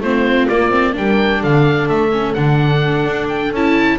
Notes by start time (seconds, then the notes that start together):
0.00 A3 C4 F4 C5
0.47 A#3 D5
0.70 C4
0.93 G3 D4 A#4 G5
1.40 D3 A4 F5
1.88 A3 E5
2.12 C#4
2.34 D3 D4 F#5
3.06 D4
3.28 G5
3.52 C#4 E4 A5